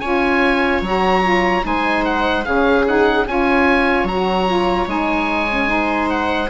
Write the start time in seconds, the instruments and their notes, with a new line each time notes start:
0.00 bassoon C#4, saxophone F4, viola C#5, oboe G#5
0.82 bassoon F#3, saxophone F#4, oboe A#5
1.23 saxophone F4
1.62 bassoon G#3, saxophone D#4, viola C5, oboe G#5
2.05 oboe F#5
2.45 bassoon C#3, saxophone C#4, viola G#4, oboe F5
2.86 saxophone D#4, oboe F#5
3.27 bassoon C#4, saxophone F4, viola C#5, oboe G#5
4.04 bassoon F#3, saxophone F#4, oboe A#5
4.47 saxophone F4
4.87 bassoon G#3, saxophone D#4, oboe G#5
5.50 saxophone C#4
5.67 saxophone D#4, viola C5
6.10 oboe F#5